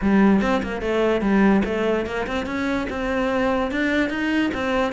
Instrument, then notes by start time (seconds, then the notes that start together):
cello
0.01 G3
0.41 C4
0.62 A#3
0.81 A3
1.21 G3
1.64 A3
2.05 A#3
2.26 C4
2.46 C#4
2.89 C4
3.71 D4
4.09 D#4
4.54 C4